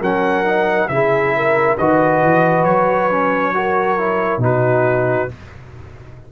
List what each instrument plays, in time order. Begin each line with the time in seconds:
0.00 tuba F#3, trombone C#4, horn A#4, trumpet F#5
0.45 trombone D#4
0.89 tuba C#3, trombone E4, horn G#4, trumpet E5
1.37 horn A#4
1.78 tuba D#3, trombone F#4, horn B4, trumpet D#5
2.23 tuba E3
2.65 tuba F#3, trumpet C#5
3.11 trombone C#4
3.54 trombone F#4, horn A#4
3.98 trombone E4
4.38 tuba B2, trombone D#4, horn F#4, trumpet B4